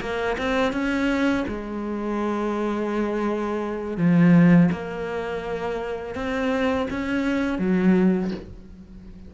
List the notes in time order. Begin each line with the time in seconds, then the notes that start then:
0.00 A#3
0.37 C4
0.72 C#4
1.47 G#3
3.97 F3
4.71 A#3
6.15 C4
6.90 C#4
7.58 F#3